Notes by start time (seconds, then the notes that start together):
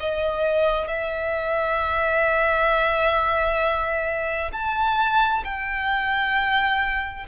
0.00 D#5
0.88 E5
4.52 A5
5.45 G5